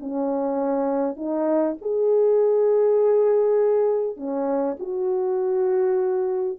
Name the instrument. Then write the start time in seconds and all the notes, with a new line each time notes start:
horn
0.00 C#4
1.16 D#4
1.82 G#4
4.17 C#4
4.80 F#4